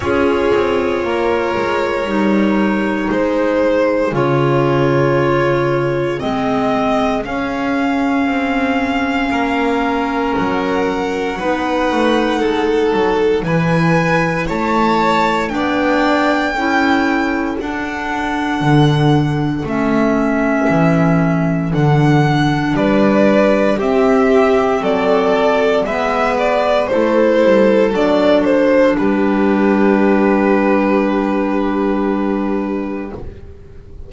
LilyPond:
<<
  \new Staff \with { instrumentName = "violin" } { \time 4/4 \tempo 4 = 58 cis''2. c''4 | cis''2 dis''4 f''4~ | f''2 fis''2~ | fis''4 gis''4 a''4 g''4~ |
g''4 fis''2 e''4~ | e''4 fis''4 d''4 e''4 | d''4 e''8 d''8 c''4 d''8 c''8 | b'1 | }
  \new Staff \with { instrumentName = "violin" } { \time 4/4 gis'4 ais'2 gis'4~ | gis'1~ | gis'4 ais'2 b'4 | a'4 b'4 cis''4 d''4 |
a'1~ | a'2 b'4 g'4 | a'4 b'4 a'2 | g'1 | }
  \new Staff \with { instrumentName = "clarinet" } { \time 4/4 f'2 dis'2 | f'2 c'4 cis'4~ | cis'2. dis'4~ | dis'4 e'2 d'4 |
e'4 d'2 cis'4~ | cis'4 d'2 c'4~ | c'4 b4 e'4 d'4~ | d'1 | }
  \new Staff \with { instrumentName = "double bass" } { \time 4/4 cis'8 c'8 ais8 gis8 g4 gis4 | cis2 gis4 cis'4 | c'4 ais4 fis4 b8 a8 | gis8 fis8 e4 a4 b4 |
cis'4 d'4 d4 a4 | e4 d4 g4 c'4 | fis4 gis4 a8 g8 fis4 | g1 | }
>>